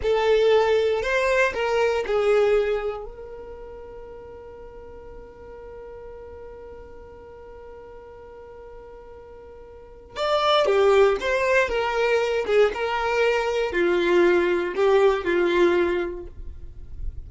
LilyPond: \new Staff \with { instrumentName = "violin" } { \time 4/4 \tempo 4 = 118 a'2 c''4 ais'4 | gis'2 ais'2~ | ais'1~ | ais'1~ |
ais'1 | d''4 g'4 c''4 ais'4~ | ais'8 gis'8 ais'2 f'4~ | f'4 g'4 f'2 | }